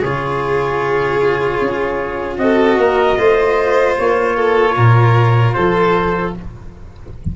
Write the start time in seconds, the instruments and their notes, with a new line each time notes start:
0.00 tuba C#3, cello F4, violin G#4, trumpet C#5
1.61 tuba C#4
2.38 tuba C4, cello F#4, violin A4, trumpet D#5
2.77 tuba A#3, violin A#4
3.17 tuba A3, cello F4, violin C5
3.99 tuba A#3, trumpet C#5
4.36 violin A4
4.76 tuba A#2, violin A#4
5.53 tuba F3, violin A4, trumpet C5